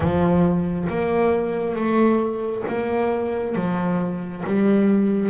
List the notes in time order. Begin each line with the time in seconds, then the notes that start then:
0.00 F3
0.89 A#3
1.74 A3
2.67 A#3
3.55 F3
4.46 G3